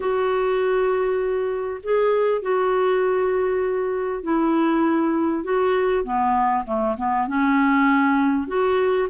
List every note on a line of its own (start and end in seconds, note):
0.00 1.80 F#4
1.83 2.42 G#4
2.42 4.23 F#4
4.23 5.44 E4
5.44 6.04 F#4
6.04 6.64 B3
6.66 6.96 A3
6.97 7.27 B3
7.27 8.47 C#4
8.47 9.08 F#4